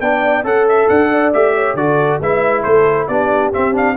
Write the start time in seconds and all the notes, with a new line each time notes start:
0.00 B3 D4 D5 G5
0.43 C#4 A4 F#5
0.68 E5
0.88 D4 F#5
1.11 D5
1.33 A3 G4 E5
1.55 C#5
1.74 D3 F#4 A4 D5
2.20 G#3 E4 B4 E5
2.62 A3 A4 C5
3.07 B3 D4 G4 D5
3.53 C4 E5
3.72 D4 F5